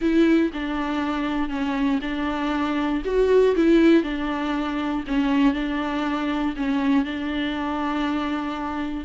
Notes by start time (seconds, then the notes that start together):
0.01 E4
0.53 D4
1.49 C#4
2.01 D4
3.04 F#4
3.55 E4
4.03 D4
5.07 C#4
5.53 D4
6.56 C#4
7.04 D4